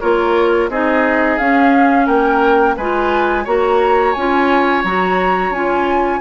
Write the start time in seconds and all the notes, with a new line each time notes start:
0.00 A#3 F4 A#4 C#5
0.69 C4 D#4 G#4 D#5
1.38 C#4 F5
2.06 A#3 A#4 G5
2.77 G#3 F4 B4 G#5
3.44 A#3 F#4 C#5 A#5
4.13 C#4 F4 G#5
4.84 F#3 F#4 A#5
5.51 C#4 F4 G#5